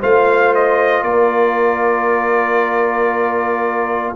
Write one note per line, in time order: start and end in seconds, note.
0.00 1.03 A3
0.00 4.16 F4
0.00 1.03 C5
0.00 0.55 F5
0.55 1.03 D#5
1.03 4.14 A#3
1.03 4.15 A#4
1.03 4.14 D5